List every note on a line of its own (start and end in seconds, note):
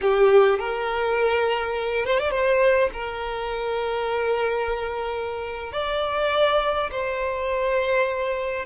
0.01 0.58 G4
0.58 2.05 A#4
2.05 2.19 C5
2.19 2.30 D5
2.30 2.89 C5
2.93 5.72 A#4
5.72 6.90 D5
6.91 8.65 C5